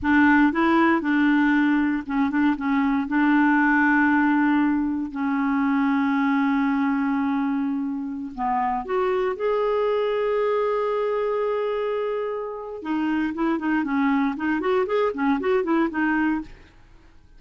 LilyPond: \new Staff \with { instrumentName = "clarinet" } { \time 4/4 \tempo 4 = 117 d'4 e'4 d'2 | cis'8 d'8 cis'4 d'2~ | d'2 cis'2~ | cis'1~ |
cis'16 b4 fis'4 gis'4.~ gis'16~ | gis'1~ | gis'4 dis'4 e'8 dis'8 cis'4 | dis'8 fis'8 gis'8 cis'8 fis'8 e'8 dis'4 | }